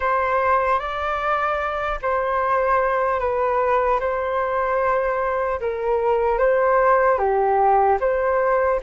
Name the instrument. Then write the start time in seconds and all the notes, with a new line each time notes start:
flute
0.00 C5
0.79 D5
2.02 C5
3.19 B4
4.00 C5
5.60 A#4
6.38 C5
7.18 G4
8.00 C5